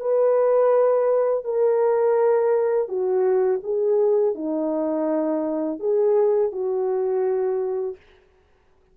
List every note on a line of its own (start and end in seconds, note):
0.00 1.44 B4
1.44 2.88 A#4
2.88 3.60 F#4
3.63 4.35 G#4
4.35 5.79 D#4
5.79 6.52 G#4
6.52 7.96 F#4